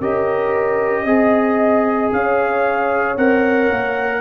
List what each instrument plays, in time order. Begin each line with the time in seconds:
0.00 tuba C#4, trombone G4, horn A#4, trumpet D#5
1.02 tuba C4, trombone G#4, horn D#5
2.12 tuba C#4, horn C#5, trumpet F5
3.17 tuba C4, trombone A#4, trumpet F#5
3.70 tuba A#3